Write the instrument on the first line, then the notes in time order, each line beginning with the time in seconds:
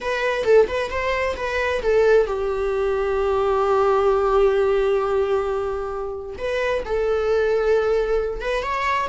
viola
0.00 B4
0.44 A4
0.67 B4
0.90 C5
1.36 B4
1.82 A4
2.26 G4
6.38 B4
6.85 A4
8.41 B4
8.62 C#5